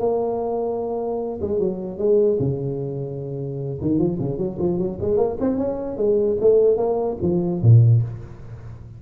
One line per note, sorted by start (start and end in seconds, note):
0.00 1.40 A#3
1.42 1.60 G#3
1.60 1.99 F#3
1.99 2.39 G#3
2.40 3.80 C#3
3.82 3.99 D#3
3.99 4.19 F3
4.20 4.38 C#3
4.38 4.58 F#3
4.59 4.79 F3
4.79 4.99 F#3
5.01 5.17 G#3
5.17 5.37 A#3
5.41 5.58 C4
5.58 5.97 C#4
5.97 6.37 G#3
6.41 6.77 A3
6.77 7.17 A#3
7.22 7.62 F3
7.62 8.02 A#2